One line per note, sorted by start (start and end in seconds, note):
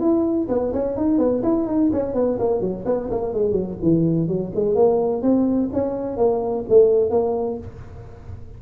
0.00 0.48 E4
0.49 0.73 B3
0.73 0.97 C#4
0.97 1.18 D#4
1.18 1.42 B3
1.43 1.67 E4
1.67 1.91 D#4
1.93 2.14 C#4
2.14 2.38 B3
2.39 2.61 A#3
2.61 2.85 F#3
2.86 3.10 B3
3.11 3.34 A#3
3.34 3.52 G#3
3.52 3.76 F#3
3.82 4.28 E3
4.28 4.52 F#3
4.55 4.76 G#3
4.76 5.22 A#3
5.22 5.70 C4
5.73 6.17 C#4
6.17 6.65 A#3
6.69 7.10 A3
7.10 7.58 A#3